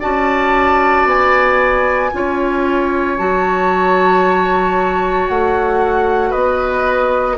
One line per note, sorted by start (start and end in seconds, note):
0.00 1.06 C#4
0.00 2.12 F#4
0.00 2.11 D5
0.00 1.07 A5
1.06 2.11 B3
1.06 3.18 G#5
2.13 3.18 C#4
2.13 3.18 F4
2.13 6.30 C#5
3.18 5.30 F#3
3.18 7.38 F#4
3.18 5.28 A5
5.29 6.34 A3
5.29 6.32 F#5
6.30 7.38 B3
6.30 7.35 B4
6.30 7.37 D#5